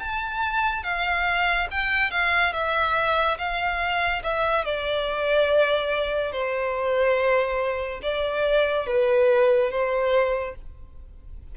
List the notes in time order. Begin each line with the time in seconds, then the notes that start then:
0.00 A5
0.83 F5
1.71 G5
2.11 F5
2.53 E5
3.38 F5
4.23 E5
4.65 D5
6.32 C5
8.03 D5
8.87 B4
9.71 C5